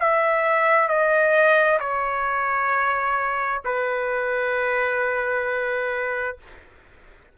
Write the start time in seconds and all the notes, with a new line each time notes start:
0.00 E5
0.88 D#5
1.80 C#5
3.65 B4